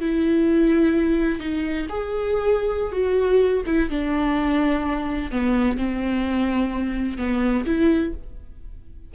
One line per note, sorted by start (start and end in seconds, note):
0.00 1.40 E4
1.40 1.87 D#4
1.89 2.92 G#4
2.92 3.63 F#4
3.66 3.90 E4
3.90 5.31 D4
5.31 5.77 B3
5.77 7.18 C4
7.18 7.65 B3
7.66 8.13 E4